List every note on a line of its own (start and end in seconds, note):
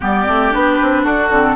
0.00 0.27 G3
0.00 0.25 B3
0.00 1.02 G4
0.00 0.54 D5
0.25 0.53 A3
0.25 0.50 C4
0.50 0.80 B3
0.50 1.29 D4
0.50 1.04 B4
0.81 1.05 C4
1.02 1.29 D4
1.02 1.54 F#4
1.02 1.56 A4
1.29 1.55 D3
1.29 1.56 C4